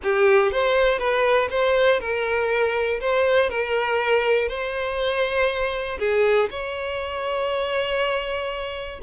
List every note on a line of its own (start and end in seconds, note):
0.02 0.51 G4
0.51 0.99 C5
0.99 1.49 B4
1.50 2.00 C5
2.00 3.00 A#4
3.00 3.49 C5
3.49 4.48 A#4
4.48 5.98 C5
5.99 6.49 G#4
6.50 9.00 C#5